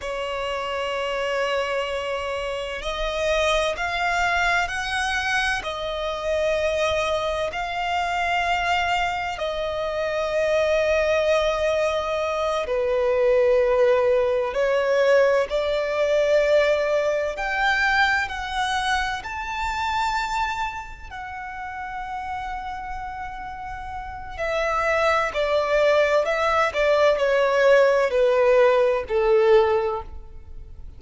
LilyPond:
\new Staff \with { instrumentName = "violin" } { \time 4/4 \tempo 4 = 64 cis''2. dis''4 | f''4 fis''4 dis''2 | f''2 dis''2~ | dis''4. b'2 cis''8~ |
cis''8 d''2 g''4 fis''8~ | fis''8 a''2 fis''4.~ | fis''2 e''4 d''4 | e''8 d''8 cis''4 b'4 a'4 | }